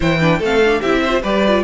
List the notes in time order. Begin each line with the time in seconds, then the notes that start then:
0.00 E3 E4 C5 G5
0.20 D4 B4
0.38 A3 C4 A4
0.44 F5
0.64 D4
0.80 C4 E4 G4 E5
1.03 C5
1.09 F4
1.22 G3 G4 B4 D5
1.47 F4